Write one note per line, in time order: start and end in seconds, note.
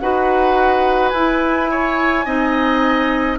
0.00 1.13 D#4
0.00 1.15 F#4
0.00 1.71 B4
0.00 1.09 F#5
1.09 2.26 E4
1.09 2.25 E4
1.09 3.36 G#5
1.71 2.26 C#5
2.25 3.39 C4
2.25 3.38 D#4
2.25 3.39 D#5